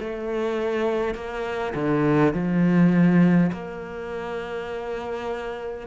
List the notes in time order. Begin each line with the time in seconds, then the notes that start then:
0.00 A3
1.15 A#3
1.75 D3
2.34 F3
3.53 A#3